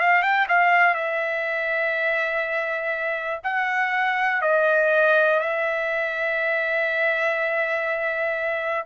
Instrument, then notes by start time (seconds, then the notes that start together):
trumpet
0.00 F5
0.22 G5
0.48 F5
0.95 E5
3.44 F#5
4.42 D#5
5.40 E5